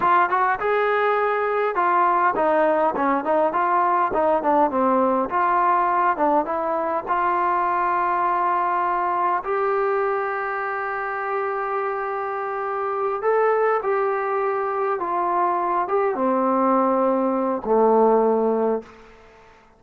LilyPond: \new Staff \with { instrumentName = "trombone" } { \time 4/4 \tempo 4 = 102 f'8 fis'8 gis'2 f'4 | dis'4 cis'8 dis'8 f'4 dis'8 d'8 | c'4 f'4. d'8 e'4 | f'1 |
g'1~ | g'2~ g'8 a'4 g'8~ | g'4. f'4. g'8 c'8~ | c'2 a2 | }